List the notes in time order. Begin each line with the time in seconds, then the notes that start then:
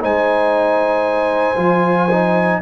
0.00 G#3 D#4 C5 G#5
1.56 F3 F4
2.10 D#4